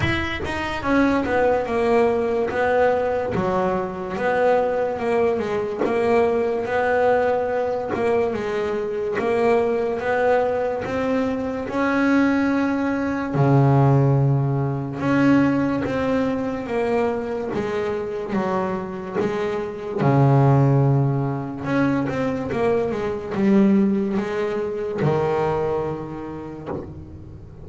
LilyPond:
\new Staff \with { instrumentName = "double bass" } { \time 4/4 \tempo 4 = 72 e'8 dis'8 cis'8 b8 ais4 b4 | fis4 b4 ais8 gis8 ais4 | b4. ais8 gis4 ais4 | b4 c'4 cis'2 |
cis2 cis'4 c'4 | ais4 gis4 fis4 gis4 | cis2 cis'8 c'8 ais8 gis8 | g4 gis4 dis2 | }